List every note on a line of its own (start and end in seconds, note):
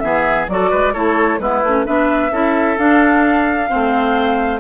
0.00 0.49 E3
0.00 0.49 B3
0.00 0.51 G#4
0.00 0.46 E5
0.49 0.72 F#3
0.49 0.94 F#4
0.49 0.71 A4
0.49 0.94 D5
0.71 0.95 G#3
0.71 0.94 B4
0.94 1.40 A3
0.94 1.40 E4
0.94 1.40 A4
0.94 1.40 C#5
1.40 1.63 G#3
1.40 1.63 B3
1.40 1.87 E4
1.40 1.86 B4
1.64 1.87 A3
1.64 1.86 C#4
1.86 2.32 B3
1.86 2.32 D4
1.86 2.32 B4
1.86 2.79 E5
2.32 2.78 C#4
2.32 2.78 E4
2.32 3.70 A4
2.78 3.69 D4
2.78 3.70 D4
2.78 4.60 F5
3.69 4.60 A3
3.69 4.60 C4
3.69 4.60 C5